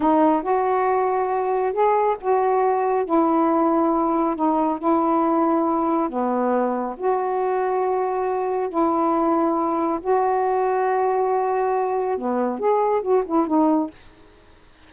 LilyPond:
\new Staff \with { instrumentName = "saxophone" } { \time 4/4 \tempo 4 = 138 dis'4 fis'2. | gis'4 fis'2 e'4~ | e'2 dis'4 e'4~ | e'2 b2 |
fis'1 | e'2. fis'4~ | fis'1 | b4 gis'4 fis'8 e'8 dis'4 | }